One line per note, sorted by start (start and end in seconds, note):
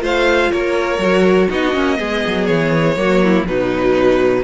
0.00 0.51 A3
0.00 0.98 F4
0.00 0.52 C5
0.00 0.52 F5
0.52 0.99 A#3
0.52 1.48 A#4
0.52 1.50 C#5
0.99 1.48 F#3
0.99 1.50 F#4
1.48 1.75 B3
1.48 1.74 D#4
1.48 1.98 F#4
1.48 2.46 D#5
1.74 2.00 A#3
1.74 1.97 C#4
1.97 2.25 G#3
1.97 2.95 B3
1.97 2.97 G#4
2.27 2.49 F#3
2.46 2.97 E3
2.46 3.44 C#5
2.97 3.46 F#3
2.97 3.47 A#3
2.97 3.24 F#4
3.24 3.48 E4
3.48 4.44 B2
3.48 4.44 F#3
3.48 4.44 D#4
3.48 4.44 B4